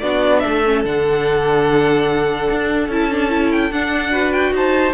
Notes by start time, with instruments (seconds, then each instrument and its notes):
0.00 cello B3, viola D4, violin F#4 D5
0.40 violin A4 E5
0.47 cello A3
0.65 viola C#4
0.85 cello D3, viola D4, violin F#5
2.50 cello D4
2.88 cello C#4, viola E4, violin A5
3.11 viola D4
3.30 viola E4
3.52 violin G5
3.71 cello D4, viola D4, violin F#5
4.11 viola F#4, violin B4
4.33 violin G5
4.52 cello D#4, violin C5 A5